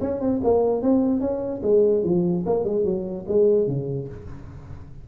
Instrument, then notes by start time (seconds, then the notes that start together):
tuba
0.00 C#4
0.20 C4
0.43 A#3
0.82 C4
1.20 C#4
1.63 G#3
2.03 F3
2.46 A#3
2.64 G#3
2.84 F#3
3.28 G#3
3.67 C#3